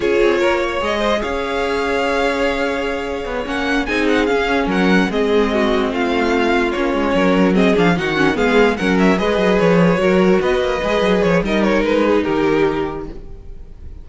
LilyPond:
<<
  \new Staff \with { instrumentName = "violin" } { \time 4/4 \tempo 4 = 147 cis''2 dis''4 f''4~ | f''1~ | f''8 fis''4 gis''8 fis''8 f''4 fis''8~ | fis''8 dis''2 f''4.~ |
f''8 cis''2 dis''8 f''8 fis''8~ | fis''8 f''4 fis''8 e''8 dis''4 cis''8~ | cis''4. dis''2 cis''8 | dis''8 cis''8 b'4 ais'2 | }
  \new Staff \with { instrumentName = "violin" } { \time 4/4 gis'4 ais'8 cis''4 c''8 cis''4~ | cis''1~ | cis''4. gis'2 ais'8~ | ais'8 gis'4 fis'4 f'4.~ |
f'4. ais'4 gis'4 fis'8~ | fis'8 gis'4 ais'4 b'4.~ | b'8 ais'4 b'2~ b'8 | ais'4. gis'8 g'2 | }
  \new Staff \with { instrumentName = "viola" } { \time 4/4 f'2 gis'2~ | gis'1~ | gis'8 cis'4 dis'4 cis'4.~ | cis'8 c'2.~ c'8~ |
c'8 cis'2 c'8 d'8 dis'8 | cis'8 b4 cis'4 gis'4.~ | gis'8 fis'2 gis'4. | dis'1 | }
  \new Staff \with { instrumentName = "cello" } { \time 4/4 cis'8 c'8 ais4 gis4 cis'4~ | cis'1 | b8 ais4 c'4 cis'4 fis8~ | fis8 gis2 a4.~ |
a8 ais8 gis8 fis4. f8 dis8~ | dis8 gis4 fis4 gis8 fis8 f8~ | f8 fis4 b8 ais8 gis8 fis8 f8 | g4 gis4 dis2 | }
>>